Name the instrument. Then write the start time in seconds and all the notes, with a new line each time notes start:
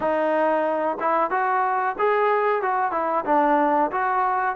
trombone
0.00 D#4
1.00 E4
1.30 F#4
1.98 G#4
2.61 F#4
2.91 E4
3.25 D4
3.91 F#4